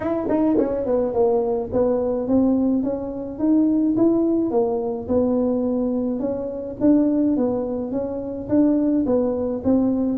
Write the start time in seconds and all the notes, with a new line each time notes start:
0.00 E4
0.28 D#4
0.57 C#4
0.85 B3
1.13 A#3
1.72 B3
2.27 C4
2.83 C#4
3.38 D#4
3.96 E4
4.51 A#3
5.08 B3
6.19 C#4
6.80 D4
7.37 B3
7.91 C#4
8.48 D4
9.05 B3
9.64 C4